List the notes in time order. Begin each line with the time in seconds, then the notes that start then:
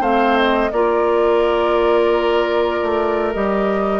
0.00 A3 C4 C5 F5
0.37 D#5
0.72 A#3 F4 A#4 D5
2.82 A3
3.33 G3 G4 D#5